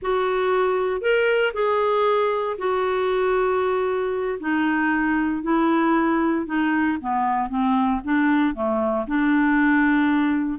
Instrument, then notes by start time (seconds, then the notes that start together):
clarinet
0.01 F#4
1.01 A#4
1.53 G#4
2.57 F#4
4.39 D#4
5.42 E4
6.46 D#4
7.00 B3
7.49 C4
8.03 D4
8.54 A3
9.07 D4